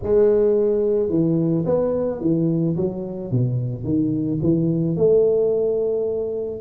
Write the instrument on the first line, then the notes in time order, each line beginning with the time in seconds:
tuba
0.03 G#3
1.09 E3
1.65 B3
2.20 E3
2.76 F#3
3.31 B2
3.84 D#3
4.42 E3
4.96 A3